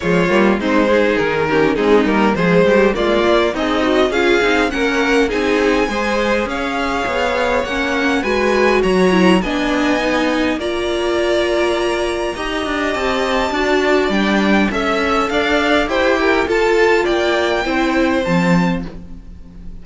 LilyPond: <<
  \new Staff \with { instrumentName = "violin" } { \time 4/4 \tempo 4 = 102 cis''4 c''4 ais'4 gis'8 ais'8 | c''4 d''4 dis''4 f''4 | fis''4 gis''2 f''4~ | f''4 fis''4 gis''4 ais''4 |
gis''2 ais''2~ | ais''2 a''2 | g''4 e''4 f''4 g''4 | a''4 g''2 a''4 | }
  \new Staff \with { instrumentName = "violin" } { \time 4/4 f'4 dis'8 gis'4 g'8 dis'4 | gis'8 g'8 f'4 dis'4 gis'4 | ais'4 gis'4 c''4 cis''4~ | cis''2 b'4 cis''4 |
dis''2 d''2~ | d''4 dis''2 d''4~ | d''4 e''4 d''4 c''8 ais'8 | a'4 d''4 c''2 | }
  \new Staff \with { instrumentName = "viola" } { \time 4/4 gis8 ais8 c'8 dis'4 cis'8 c'8 ais8 | gis4 ais4 gis'8 fis'8 f'8 dis'8 | cis'4 dis'4 gis'2~ | gis'4 cis'4 fis'4. e'8 |
d'4 dis'4 f'2~ | f'4 g'2 fis'4 | d'4 a'2 g'4 | f'2 e'4 c'4 | }
  \new Staff \with { instrumentName = "cello" } { \time 4/4 f8 g8 gis4 dis4 gis8 g8 | f8 g8 gis8 ais8 c'4 cis'8 c'8 | ais4 c'4 gis4 cis'4 | b4 ais4 gis4 fis4 |
b2 ais2~ | ais4 dis'8 d'8 c'4 d'4 | g4 cis'4 d'4 e'4 | f'4 ais4 c'4 f4 | }
>>